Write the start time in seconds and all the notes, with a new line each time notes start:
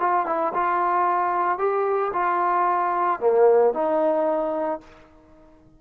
0.00 F4
0.26 E4
0.54 F4
1.58 G4
2.13 F4
3.20 A#3
3.74 D#4